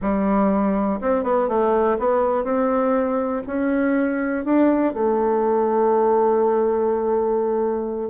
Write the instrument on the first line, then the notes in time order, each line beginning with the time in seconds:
bassoon
0.01 G3
1.00 C4
1.23 B3
1.48 A3
1.98 B3
2.43 C4
3.46 C#4
4.44 D4
4.93 A3